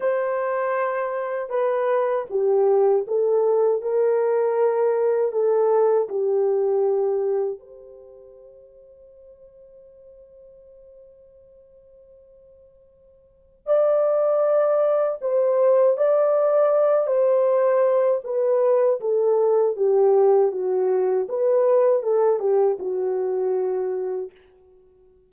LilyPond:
\new Staff \with { instrumentName = "horn" } { \time 4/4 \tempo 4 = 79 c''2 b'4 g'4 | a'4 ais'2 a'4 | g'2 c''2~ | c''1~ |
c''2 d''2 | c''4 d''4. c''4. | b'4 a'4 g'4 fis'4 | b'4 a'8 g'8 fis'2 | }